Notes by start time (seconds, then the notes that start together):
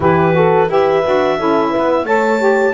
0.00 E3 E4 G4 B4
0.32 F#4 A4
0.68 E4 G4 B4 E5
1.04 D4 F#4
1.38 C#4 E4 A4
1.70 B4
1.76 B3
2.04 A3 A4 C#5 A5
2.38 G4